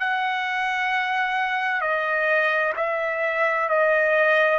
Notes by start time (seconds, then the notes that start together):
0.00 F#5
1.81 D#5
2.77 E5
3.69 D#5